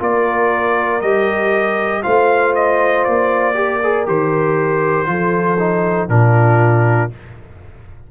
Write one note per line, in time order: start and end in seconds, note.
0.00 1.02 A#3
0.00 1.02 F4
0.00 2.03 A#4
0.00 1.01 D5
1.01 2.04 G3
1.01 2.03 G4
1.01 2.03 D#5
2.03 3.07 A3
2.03 3.54 F4
2.03 3.56 C5
2.03 2.54 F5
2.56 3.04 D#5
3.04 4.07 A#3
3.04 4.06 D5
3.54 3.80 G4
3.54 5.11 A#4
3.83 4.06 G#4
4.06 5.08 D#3
4.06 5.07 G4
4.06 6.09 C5
5.07 6.09 F3
5.07 5.57 F4
5.07 6.10 A4
5.59 6.09 D#4
6.09 7.11 A#2
6.09 7.11 D4
6.09 7.11 F4
6.09 7.11 A#4